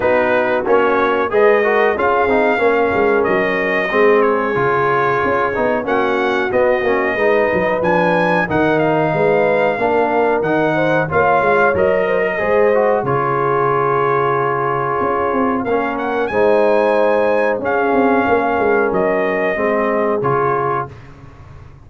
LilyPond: <<
  \new Staff \with { instrumentName = "trumpet" } { \time 4/4 \tempo 4 = 92 b'4 cis''4 dis''4 f''4~ | f''4 dis''4. cis''4.~ | cis''4 fis''4 dis''2 | gis''4 fis''8 f''2~ f''8 |
fis''4 f''4 dis''2 | cis''1 | f''8 fis''8 gis''2 f''4~ | f''4 dis''2 cis''4 | }
  \new Staff \with { instrumentName = "horn" } { \time 4/4 fis'2 b'8 ais'8 gis'4 | ais'2 gis'2~ | gis'4 fis'2 b'4~ | b'4 ais'4 b'4 ais'4~ |
ais'8 c''8 cis''4. c''16 ais'16 c''4 | gis'1 | ais'4 c''2 gis'4 | ais'2 gis'2 | }
  \new Staff \with { instrumentName = "trombone" } { \time 4/4 dis'4 cis'4 gis'8 fis'8 f'8 dis'8 | cis'2 c'4 f'4~ | f'8 dis'8 cis'4 b8 cis'8 dis'4 | d'4 dis'2 d'4 |
dis'4 f'4 ais'4 gis'8 fis'8 | f'1 | cis'4 dis'2 cis'4~ | cis'2 c'4 f'4 | }
  \new Staff \with { instrumentName = "tuba" } { \time 4/4 b4 ais4 gis4 cis'8 c'8 | ais8 gis8 fis4 gis4 cis4 | cis'8 b8 ais4 b8 ais8 gis8 fis8 | f4 dis4 gis4 ais4 |
dis4 ais8 gis8 fis4 gis4 | cis2. cis'8 c'8 | ais4 gis2 cis'8 c'8 | ais8 gis8 fis4 gis4 cis4 | }
>>